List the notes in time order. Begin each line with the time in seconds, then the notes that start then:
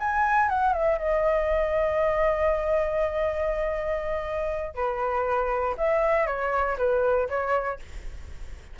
0.00 G#5
0.50 F#5
0.73 E5
0.99 D#5
4.75 B4
5.78 E5
6.27 C#5
6.78 B4
7.29 C#5